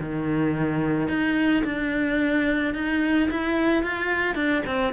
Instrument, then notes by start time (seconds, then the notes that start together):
cello
0.00 D#3
1.09 D#4
1.64 D4
2.74 D#4
3.31 E4
3.84 F4
4.35 D4
4.67 C4